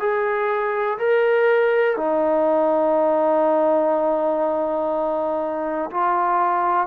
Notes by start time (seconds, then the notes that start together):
0.00 G#4
0.99 A#4
1.97 D#4
5.91 F4